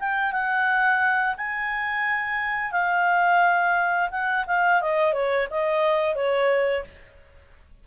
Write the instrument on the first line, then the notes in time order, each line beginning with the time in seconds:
clarinet
0.00 G5
0.32 F#5
1.37 G#5
2.72 F5
4.11 F#5
4.47 F5
4.82 D#5
5.13 C#5
5.50 D#5
6.15 C#5